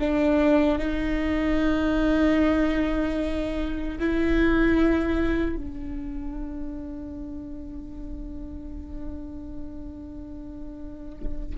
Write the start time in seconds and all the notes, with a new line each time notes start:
0.00 D4
0.79 D#4
4.00 E4
5.57 D4